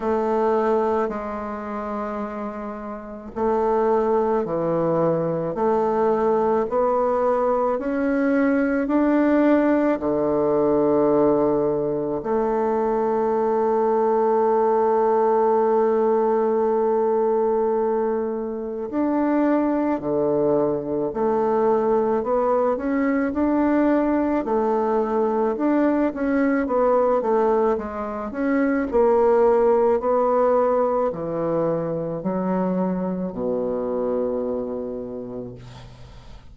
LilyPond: \new Staff \with { instrumentName = "bassoon" } { \time 4/4 \tempo 4 = 54 a4 gis2 a4 | e4 a4 b4 cis'4 | d'4 d2 a4~ | a1~ |
a4 d'4 d4 a4 | b8 cis'8 d'4 a4 d'8 cis'8 | b8 a8 gis8 cis'8 ais4 b4 | e4 fis4 b,2 | }